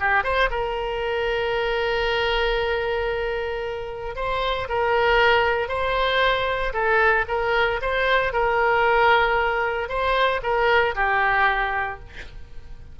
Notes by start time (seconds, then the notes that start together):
0.00 G4
0.23 C5
0.50 A#4
4.15 C5
4.69 A#4
5.68 C5
6.73 A4
7.28 A#4
7.82 C5
8.33 A#4
9.89 C5
10.43 A#4
10.95 G4